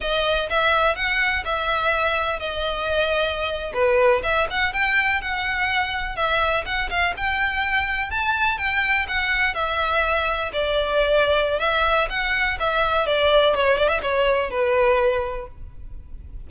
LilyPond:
\new Staff \with { instrumentName = "violin" } { \time 4/4 \tempo 4 = 124 dis''4 e''4 fis''4 e''4~ | e''4 dis''2~ dis''8. b'16~ | b'8. e''8 fis''8 g''4 fis''4~ fis''16~ | fis''8. e''4 fis''8 f''8 g''4~ g''16~ |
g''8. a''4 g''4 fis''4 e''16~ | e''4.~ e''16 d''2~ d''16 | e''4 fis''4 e''4 d''4 | cis''8 d''16 e''16 cis''4 b'2 | }